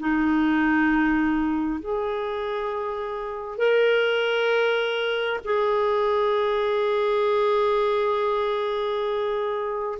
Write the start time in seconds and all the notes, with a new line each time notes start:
0.00 D#4
1.80 G#4
3.58 A#4
5.45 G#4